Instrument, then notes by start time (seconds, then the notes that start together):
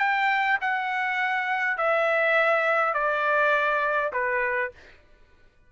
trumpet
0.00 G5
0.61 F#5
1.78 E5
2.94 D5
4.13 B4